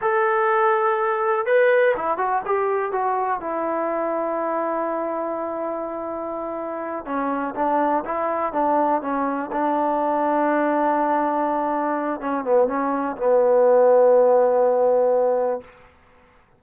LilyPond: \new Staff \with { instrumentName = "trombone" } { \time 4/4 \tempo 4 = 123 a'2. b'4 | e'8 fis'8 g'4 fis'4 e'4~ | e'1~ | e'2~ e'8 cis'4 d'8~ |
d'8 e'4 d'4 cis'4 d'8~ | d'1~ | d'4 cis'8 b8 cis'4 b4~ | b1 | }